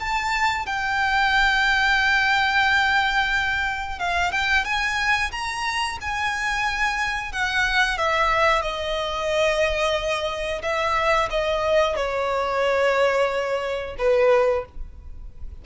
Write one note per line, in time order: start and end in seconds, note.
0.00 0.66 A5
0.66 3.99 G5
3.99 4.32 F5
4.32 4.65 G5
4.65 5.31 G#5
5.32 5.98 A#5
6.01 7.32 G#5
7.32 7.98 F#5
7.98 8.62 E5
8.62 10.62 D#5
10.62 11.29 E5
11.30 11.96 D#5
11.96 13.96 C#5
13.98 14.65 B4